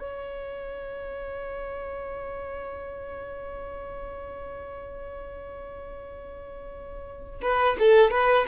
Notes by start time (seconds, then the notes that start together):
0.00 C#5
7.42 B4
7.80 A4
8.11 B4